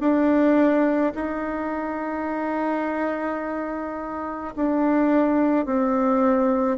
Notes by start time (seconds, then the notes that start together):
0.00 D4
1.15 D#4
4.56 D4
5.66 C4